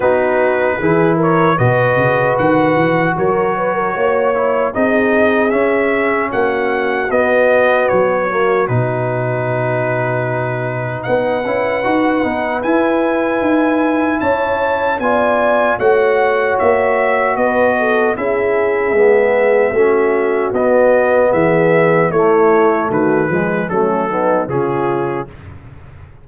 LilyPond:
<<
  \new Staff \with { instrumentName = "trumpet" } { \time 4/4 \tempo 4 = 76 b'4. cis''8 dis''4 fis''4 | cis''2 dis''4 e''4 | fis''4 dis''4 cis''4 b'4~ | b'2 fis''2 |
gis''2 a''4 gis''4 | fis''4 e''4 dis''4 e''4~ | e''2 dis''4 e''4 | cis''4 b'4 a'4 gis'4 | }
  \new Staff \with { instrumentName = "horn" } { \time 4/4 fis'4 gis'8 ais'8 b'2 | ais'8 b'16 ais'16 cis''4 gis'2 | fis'1~ | fis'2 b'2~ |
b'2 cis''4 d''4 | cis''2 b'8 a'8 gis'4~ | gis'4 fis'2 gis'4 | e'4 fis'8 gis'8 cis'8 dis'8 f'4 | }
  \new Staff \with { instrumentName = "trombone" } { \time 4/4 dis'4 e'4 fis'2~ | fis'4. e'8 dis'4 cis'4~ | cis'4 b4. ais8 dis'4~ | dis'2~ dis'8 e'8 fis'8 dis'8 |
e'2. f'4 | fis'2. e'4 | b4 cis'4 b2 | a4. gis8 a8 b8 cis'4 | }
  \new Staff \with { instrumentName = "tuba" } { \time 4/4 b4 e4 b,8 cis8 dis8 e8 | fis4 ais4 c'4 cis'4 | ais4 b4 fis4 b,4~ | b,2 b8 cis'8 dis'8 b8 |
e'4 dis'4 cis'4 b4 | a4 ais4 b4 cis'4 | gis4 a4 b4 e4 | a4 dis8 f8 fis4 cis4 | }
>>